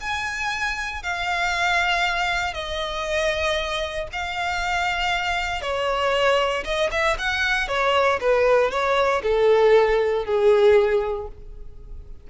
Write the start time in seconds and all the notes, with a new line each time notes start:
0.00 G#5
1.03 F5
2.53 D#5
4.12 F5
5.61 C#5
6.64 D#5
6.91 E5
7.18 F#5
7.68 C#5
8.20 B4
8.70 C#5
9.22 A4
10.25 G#4